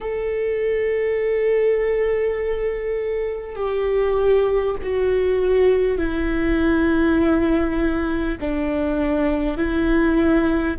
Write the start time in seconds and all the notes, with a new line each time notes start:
0.01 A4
3.55 G4
4.83 F#4
5.98 E4
8.40 D4
9.57 E4